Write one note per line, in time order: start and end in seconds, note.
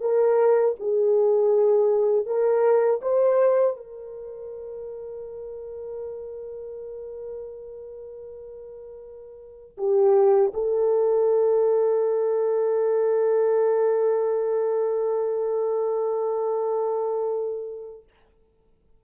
0.00 0.75 A#4
0.79 2.25 G#4
2.25 3.00 A#4
3.01 3.76 C5
3.77 9.77 A#4
9.77 10.52 G4
10.53 18.03 A4